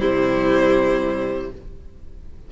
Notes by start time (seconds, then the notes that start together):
0.00 C3 G3 E4 C5